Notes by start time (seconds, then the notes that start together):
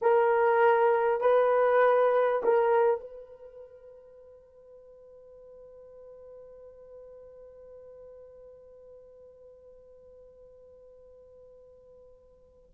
0.01 A#4
1.20 B4
2.43 A#4
3.00 B4